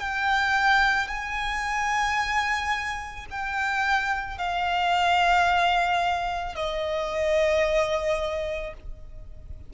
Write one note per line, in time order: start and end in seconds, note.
0.00 1.08 G5
1.08 3.26 G#5
3.30 4.38 G5
4.38 6.55 F5
6.55 8.73 D#5